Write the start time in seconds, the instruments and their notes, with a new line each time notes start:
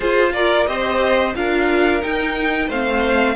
0.00 cello F4, viola F4, violin G#4 C5
0.33 violin A#4 D5
0.66 cello C4, viola G4, violin C5 D#5
1.34 cello D4, viola F4, violin A#4 F5
2.01 viola D#4, cello D#4, violin G5
2.67 cello A3, viola C4, violin C5 F5